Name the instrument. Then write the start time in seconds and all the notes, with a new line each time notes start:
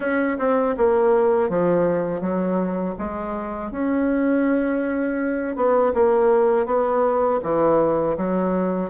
bassoon
0.00 C#4
0.38 C4
0.77 A#3
1.49 F3
2.20 F#3
2.98 G#3
3.71 C#4
5.56 B3
5.94 A#3
6.66 B3
7.42 E3
8.17 F#3